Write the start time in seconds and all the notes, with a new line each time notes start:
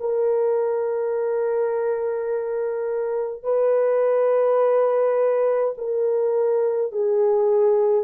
0.00 A#4
3.43 B4
5.77 A#4
6.92 G#4